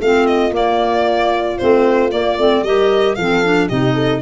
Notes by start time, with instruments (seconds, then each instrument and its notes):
0.00 tuba A3, clarinet C4, horn F4, violin F5
0.27 violin D#5
0.51 clarinet A#3, tuba A#3, violin D5
1.58 tuba A3, clarinet C4, violin C5
2.11 clarinet A#3, tuba A#3, violin D5
2.37 tuba A3, clarinet C4
2.63 tuba G3, clarinet G4, horn A#4, violin D#5
3.15 tuba F3, clarinet C4, horn A4, violin F5
3.44 clarinet D4
3.68 tuba C3, clarinet D#4, horn G4, violin D#5
3.94 horn A4